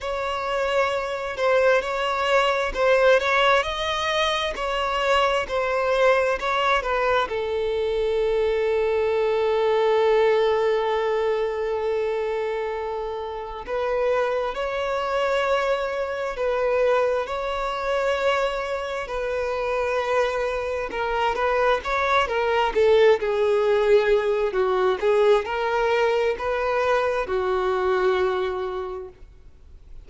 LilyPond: \new Staff \with { instrumentName = "violin" } { \time 4/4 \tempo 4 = 66 cis''4. c''8 cis''4 c''8 cis''8 | dis''4 cis''4 c''4 cis''8 b'8 | a'1~ | a'2. b'4 |
cis''2 b'4 cis''4~ | cis''4 b'2 ais'8 b'8 | cis''8 ais'8 a'8 gis'4. fis'8 gis'8 | ais'4 b'4 fis'2 | }